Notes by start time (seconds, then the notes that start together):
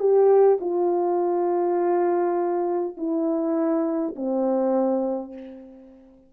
0.00 G4
0.61 F4
2.97 E4
4.16 C4